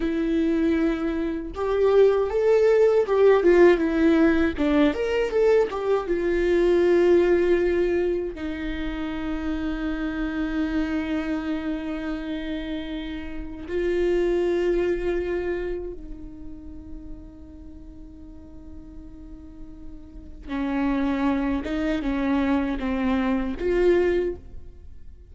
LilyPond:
\new Staff \with { instrumentName = "viola" } { \time 4/4 \tempo 4 = 79 e'2 g'4 a'4 | g'8 f'8 e'4 d'8 ais'8 a'8 g'8 | f'2. dis'4~ | dis'1~ |
dis'2 f'2~ | f'4 dis'2.~ | dis'2. cis'4~ | cis'8 dis'8 cis'4 c'4 f'4 | }